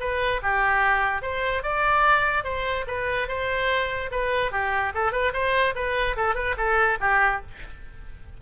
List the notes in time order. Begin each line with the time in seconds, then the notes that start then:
0.00 B4
0.42 G4
1.22 C5
1.63 D5
2.44 C5
2.87 B4
3.28 C5
4.11 B4
4.52 G4
4.94 A4
5.12 B4
5.33 C5
5.75 B4
6.16 A4
6.35 B4
6.57 A4
7.00 G4